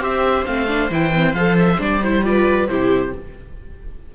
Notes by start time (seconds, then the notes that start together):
0.00 C4 G4 C5 E5
0.46 A3 C4 F5
0.68 D4
0.91 E3 E4 G5
1.15 C4
1.34 F3 A4 F5
1.59 E5
1.78 G3 D4 D5
2.04 E4 C5
2.24 F4 B4 D5
2.68 C3 E4 G4 C5